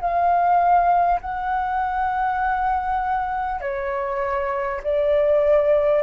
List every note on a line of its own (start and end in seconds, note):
0.00 1.20 F5
1.21 3.61 F#5
3.61 4.81 C#5
4.83 6.02 D5